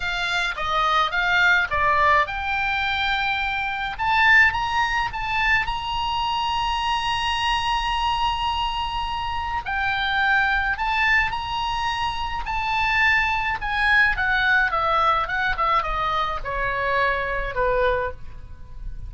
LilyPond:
\new Staff \with { instrumentName = "oboe" } { \time 4/4 \tempo 4 = 106 f''4 dis''4 f''4 d''4 | g''2. a''4 | ais''4 a''4 ais''2~ | ais''1~ |
ais''4 g''2 a''4 | ais''2 a''2 | gis''4 fis''4 e''4 fis''8 e''8 | dis''4 cis''2 b'4 | }